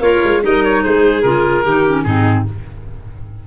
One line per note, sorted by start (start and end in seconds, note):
0.00 0.20 A#3
0.00 0.44 F4
0.00 0.42 A#4
0.00 0.42 C#5
0.24 0.44 G#3
0.43 0.84 G3
0.43 1.24 D#4
0.43 0.84 A#4
0.43 0.65 D#5
0.65 0.83 C#5
0.83 1.25 G#3
0.83 1.65 G#4
0.83 1.22 C5
1.22 1.65 C#3
1.22 1.64 F4
1.22 2.04 A#4
1.65 2.05 D#3
1.65 1.87 D#4
1.65 2.05 G4
1.87 2.05 C#4
2.04 2.46 G#2
2.04 2.46 C4
2.04 2.48 D#4
2.04 2.44 G#4